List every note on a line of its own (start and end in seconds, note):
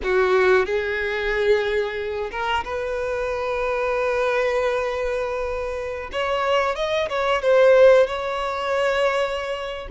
0.03 0.65 F#4
0.65 2.30 G#4
2.31 2.64 A#4
2.64 6.10 B4
6.11 6.75 C#5
6.75 7.08 D#5
7.09 7.42 C#5
7.42 8.06 C5
8.06 9.88 C#5